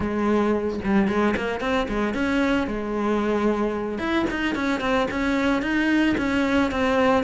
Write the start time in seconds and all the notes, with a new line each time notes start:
0.00 G#3
0.84 G3
1.08 G#3
1.36 A#3
1.60 C4
1.88 G#3
2.14 C#4
2.67 G#3
3.98 E4
4.30 D#4
4.55 C#4
4.80 C4
5.10 C#4
5.62 D#4
6.17 C#4
6.71 C4